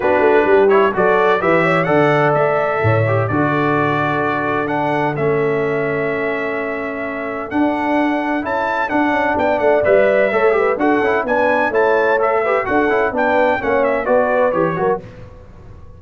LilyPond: <<
  \new Staff \with { instrumentName = "trumpet" } { \time 4/4 \tempo 4 = 128 b'4. cis''8 d''4 e''4 | fis''4 e''2 d''4~ | d''2 fis''4 e''4~ | e''1 |
fis''2 a''4 fis''4 | g''8 fis''8 e''2 fis''4 | gis''4 a''4 e''4 fis''4 | g''4 fis''8 e''8 d''4 cis''4 | }
  \new Staff \with { instrumentName = "horn" } { \time 4/4 fis'4 g'4 a'4 b'8 cis''8 | d''2 cis''4 a'4~ | a'1~ | a'1~ |
a'1 | d''2 cis''8 b'8 a'4 | b'4 cis''4. b'8 a'4 | b'4 cis''4 b'4. ais'8 | }
  \new Staff \with { instrumentName = "trombone" } { \time 4/4 d'4. e'8 fis'4 g'4 | a'2~ a'8 g'8 fis'4~ | fis'2 d'4 cis'4~ | cis'1 |
d'2 e'4 d'4~ | d'4 b'4 a'8 g'8 fis'8 e'8 | d'4 e'4 a'8 g'8 fis'8 e'8 | d'4 cis'4 fis'4 g'8 fis'8 | }
  \new Staff \with { instrumentName = "tuba" } { \time 4/4 b8 a8 g4 fis4 e4 | d4 a4 a,4 d4~ | d2. a4~ | a1 |
d'2 cis'4 d'8 cis'8 | b8 a8 g4 a4 d'8 cis'8 | b4 a2 d'8 cis'8 | b4 ais4 b4 e8 fis8 | }
>>